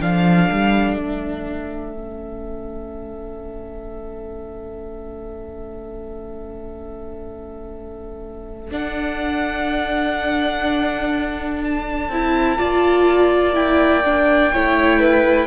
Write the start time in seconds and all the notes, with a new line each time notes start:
0.00 F3 D4 A4 F5
0.51 G3
0.96 A3 E5
1.93 C#4
8.71 D4 F#5
11.64 A5
12.09 C4 E4
12.58 A#3 F4 D5
13.54 E4 G5
14.05 D4
14.53 A3 E4 C#5
15.00 B4